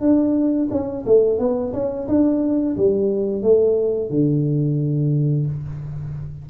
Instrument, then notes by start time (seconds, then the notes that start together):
tuba
0.00 D4
0.71 C#4
1.06 A3
1.39 B3
1.73 C#4
2.08 D4
2.76 G3
3.42 A3
4.10 D3